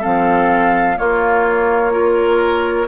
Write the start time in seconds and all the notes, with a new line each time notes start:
0.00 F3 C4 A4 F5
0.96 A#3 F4 C#5
1.91 F4 A#4